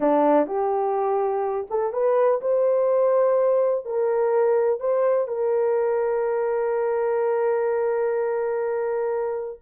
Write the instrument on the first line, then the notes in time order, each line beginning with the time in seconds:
horn
0.00 D4
0.47 G4
1.70 A4
1.92 B4
2.41 C5
3.85 A#4
4.80 C5
5.27 A#4